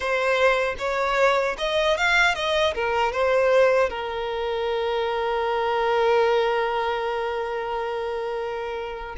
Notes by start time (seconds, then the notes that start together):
0.00 C5
0.78 C#5
1.58 D#5
1.97 F5
2.34 D#5
2.74 A#4
3.12 C5
3.89 A#4